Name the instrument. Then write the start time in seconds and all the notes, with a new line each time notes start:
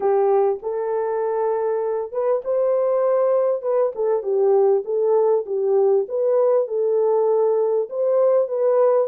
horn
0.00 G4
0.62 A4
2.12 B4
2.44 C5
3.62 B4
3.95 A4
4.22 G4
4.84 A4
5.45 G4
6.08 B4
6.67 A4
7.90 C5
8.48 B4